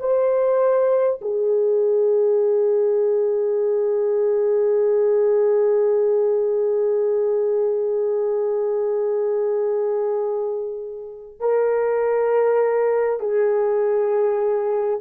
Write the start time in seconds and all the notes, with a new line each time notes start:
0.00 C5
1.22 G#4
11.40 A#4
13.19 G#4